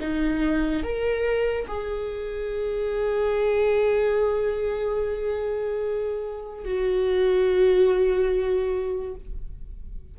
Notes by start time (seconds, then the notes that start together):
0.00 D#4
0.83 A#4
1.67 G#4
6.65 F#4